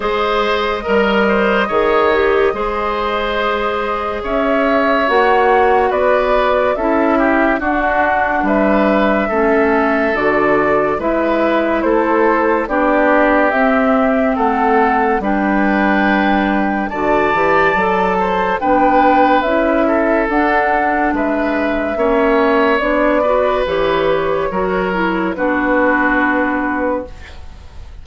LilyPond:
<<
  \new Staff \with { instrumentName = "flute" } { \time 4/4 \tempo 4 = 71 dis''1~ | dis''4 e''4 fis''4 d''4 | e''4 fis''4 e''2 | d''4 e''4 c''4 d''4 |
e''4 fis''4 g''2 | a''2 g''4 e''4 | fis''4 e''2 d''4 | cis''2 b'2 | }
  \new Staff \with { instrumentName = "oboe" } { \time 4/4 c''4 ais'8 c''8 cis''4 c''4~ | c''4 cis''2 b'4 | a'8 g'8 fis'4 b'4 a'4~ | a'4 b'4 a'4 g'4~ |
g'4 a'4 b'2 | d''4. c''8 b'4. a'8~ | a'4 b'4 cis''4. b'8~ | b'4 ais'4 fis'2 | }
  \new Staff \with { instrumentName = "clarinet" } { \time 4/4 gis'4 ais'4 gis'8 g'8 gis'4~ | gis'2 fis'2 | e'4 d'2 cis'4 | fis'4 e'2 d'4 |
c'2 d'2 | fis'8 g'8 a'4 d'4 e'4 | d'2 cis'4 d'8 fis'8 | g'4 fis'8 e'8 d'2 | }
  \new Staff \with { instrumentName = "bassoon" } { \time 4/4 gis4 g4 dis4 gis4~ | gis4 cis'4 ais4 b4 | cis'4 d'4 g4 a4 | d4 gis4 a4 b4 |
c'4 a4 g2 | d8 e8 fis4 b4 cis'4 | d'4 gis4 ais4 b4 | e4 fis4 b2 | }
>>